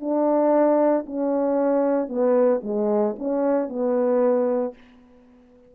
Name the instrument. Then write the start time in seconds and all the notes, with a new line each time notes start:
horn
0.00 D4
1.06 C#4
2.08 B3
2.63 G#3
3.18 C#4
3.69 B3